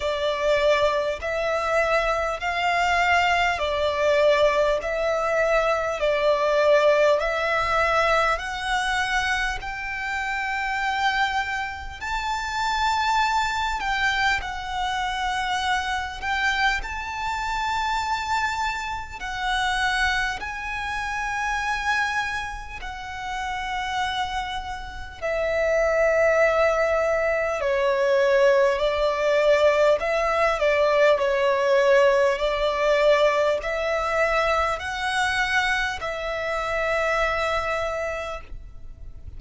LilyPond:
\new Staff \with { instrumentName = "violin" } { \time 4/4 \tempo 4 = 50 d''4 e''4 f''4 d''4 | e''4 d''4 e''4 fis''4 | g''2 a''4. g''8 | fis''4. g''8 a''2 |
fis''4 gis''2 fis''4~ | fis''4 e''2 cis''4 | d''4 e''8 d''8 cis''4 d''4 | e''4 fis''4 e''2 | }